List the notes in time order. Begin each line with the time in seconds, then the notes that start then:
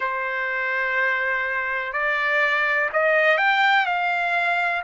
0.00 C5
1.93 D5
2.93 D#5
3.37 G5
3.85 F5